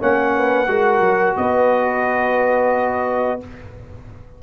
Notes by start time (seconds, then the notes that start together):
0.00 A#3 C#4 C#5 F#5
0.37 B4
0.68 G#3 F#4 A#4
1.00 F#3
1.37 B3 B4 D#5